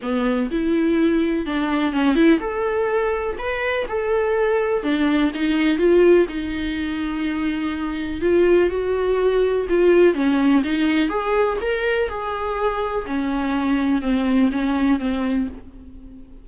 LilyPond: \new Staff \with { instrumentName = "viola" } { \time 4/4 \tempo 4 = 124 b4 e'2 d'4 | cis'8 e'8 a'2 b'4 | a'2 d'4 dis'4 | f'4 dis'2.~ |
dis'4 f'4 fis'2 | f'4 cis'4 dis'4 gis'4 | ais'4 gis'2 cis'4~ | cis'4 c'4 cis'4 c'4 | }